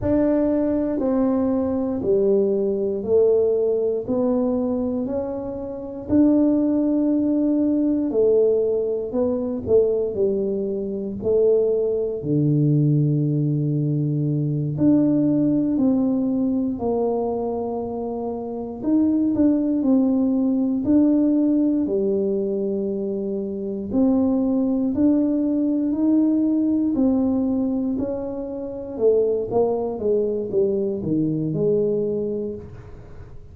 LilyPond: \new Staff \with { instrumentName = "tuba" } { \time 4/4 \tempo 4 = 59 d'4 c'4 g4 a4 | b4 cis'4 d'2 | a4 b8 a8 g4 a4 | d2~ d8 d'4 c'8~ |
c'8 ais2 dis'8 d'8 c'8~ | c'8 d'4 g2 c'8~ | c'8 d'4 dis'4 c'4 cis'8~ | cis'8 a8 ais8 gis8 g8 dis8 gis4 | }